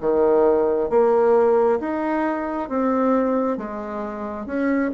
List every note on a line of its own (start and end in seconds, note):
0.00 0.90 D#3
0.90 1.80 A#3
1.80 2.69 D#4
2.69 3.57 C4
3.57 4.46 G#3
4.46 4.91 C#4